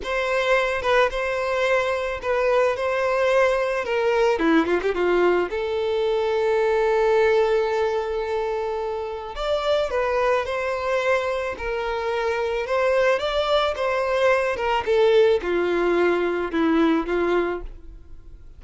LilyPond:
\new Staff \with { instrumentName = "violin" } { \time 4/4 \tempo 4 = 109 c''4. b'8 c''2 | b'4 c''2 ais'4 | e'8 f'16 g'16 f'4 a'2~ | a'1~ |
a'4 d''4 b'4 c''4~ | c''4 ais'2 c''4 | d''4 c''4. ais'8 a'4 | f'2 e'4 f'4 | }